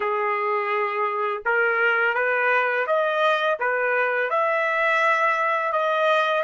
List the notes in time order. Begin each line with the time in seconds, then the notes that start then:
0.00 G#4
1.44 A#4
2.14 B4
2.86 D#5
3.59 B4
4.30 E5
5.72 D#5